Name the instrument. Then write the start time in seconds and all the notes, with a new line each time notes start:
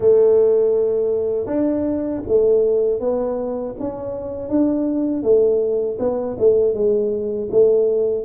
tuba
0.00 A3
1.46 D4
2.27 A3
3.00 B3
3.79 C#4
4.49 D4
5.23 A3
5.99 B3
6.39 A3
6.73 G#3
7.51 A3